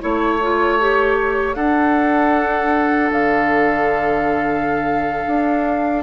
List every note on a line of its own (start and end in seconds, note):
0.00 1.55 A3
0.00 0.39 E4
0.00 1.55 C#5
0.00 1.54 C#5
0.42 0.79 F4
0.79 1.57 G4
1.54 3.10 D4
1.54 6.03 D4
1.54 6.03 A4
1.54 3.10 F#5
3.10 5.25 D3
3.10 6.03 F5
5.26 6.03 D4